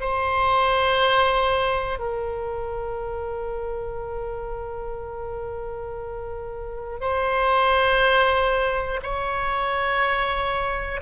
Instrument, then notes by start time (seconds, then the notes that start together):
oboe
0.00 C5
1.99 A#4
7.00 C5
9.03 C#5